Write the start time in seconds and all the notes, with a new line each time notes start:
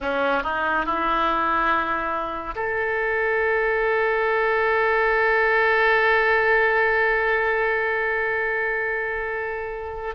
0.00 C#4
0.43 D#4
0.85 E4
2.55 A4